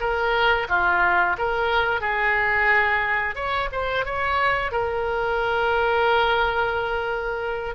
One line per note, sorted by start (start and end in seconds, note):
0.00 0.67 A#4
0.69 1.37 F4
1.38 2.01 A#4
2.01 3.36 G#4
3.36 3.69 C#5
3.73 4.05 C5
4.05 4.72 C#5
4.72 7.75 A#4